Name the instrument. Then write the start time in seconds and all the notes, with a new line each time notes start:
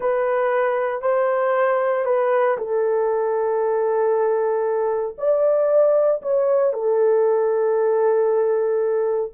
horn
0.00 B4
1.01 C5
2.05 B4
2.57 A4
5.17 D5
6.22 C#5
6.73 A4